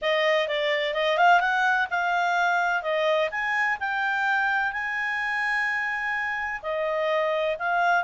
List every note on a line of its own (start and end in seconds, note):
0.01 0.48 D#5
0.48 0.94 D5
0.94 1.17 D#5
1.17 1.40 F5
1.40 1.87 F#5
1.90 2.82 F5
2.82 3.29 D#5
3.30 3.78 G#5
3.79 4.72 G5
4.72 6.61 G#5
6.62 7.57 D#5
7.58 8.04 F5